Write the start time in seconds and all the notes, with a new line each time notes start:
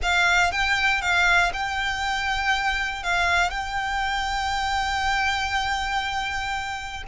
0.02 F5
0.51 G5
1.01 F5
1.53 G5
3.03 F5
3.50 G5